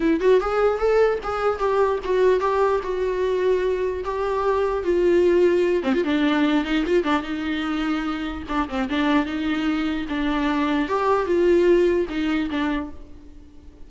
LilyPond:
\new Staff \with { instrumentName = "viola" } { \time 4/4 \tempo 4 = 149 e'8 fis'8 gis'4 a'4 gis'4 | g'4 fis'4 g'4 fis'4~ | fis'2 g'2 | f'2~ f'8 c'16 f'16 d'4~ |
d'8 dis'8 f'8 d'8 dis'2~ | dis'4 d'8 c'8 d'4 dis'4~ | dis'4 d'2 g'4 | f'2 dis'4 d'4 | }